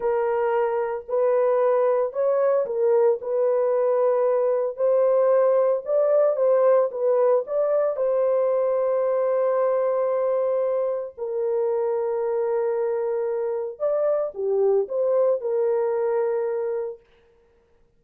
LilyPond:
\new Staff \with { instrumentName = "horn" } { \time 4/4 \tempo 4 = 113 ais'2 b'2 | cis''4 ais'4 b'2~ | b'4 c''2 d''4 | c''4 b'4 d''4 c''4~ |
c''1~ | c''4 ais'2.~ | ais'2 d''4 g'4 | c''4 ais'2. | }